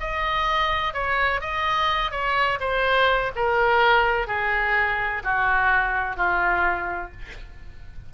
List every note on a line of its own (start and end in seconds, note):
0.00 0.94 D#5
0.94 1.41 C#5
1.41 2.11 D#5
2.11 2.59 C#5
2.60 3.32 C5
3.36 4.27 A#4
4.27 5.23 G#4
5.24 6.16 F#4
6.16 7.12 F4